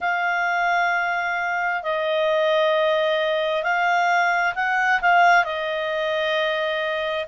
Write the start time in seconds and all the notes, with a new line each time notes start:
0.00 F5
1.82 D#5
3.63 F5
4.55 F#5
5.01 F5
5.44 D#5